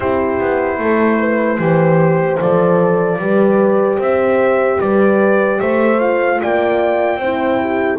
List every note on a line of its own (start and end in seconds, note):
0.00 0.39 C4
0.00 1.59 E4
0.00 0.79 G4
0.00 2.40 C5
0.39 0.78 B3
0.78 1.58 A3
0.78 1.19 A4
1.19 1.59 B4
1.58 2.38 E3
1.58 2.39 G4
1.58 3.20 C5
2.40 3.18 F3
2.40 3.20 A4
2.40 4.01 D5
3.18 3.98 G3
3.18 5.99 G4
3.18 3.98 B4
3.98 4.78 C4
3.98 4.78 C5
3.98 4.80 E5
4.80 5.60 G3
4.80 5.60 B4
4.80 5.60 D5
5.60 6.41 A3
5.60 6.40 C5
5.60 6.00 E5
5.99 7.19 F4
5.99 6.40 F5
6.41 7.16 A#3
6.41 7.20 D5
6.41 7.99 G5
7.16 7.96 C4
7.16 7.60 C5
7.23 7.99 E4
7.61 7.99 G4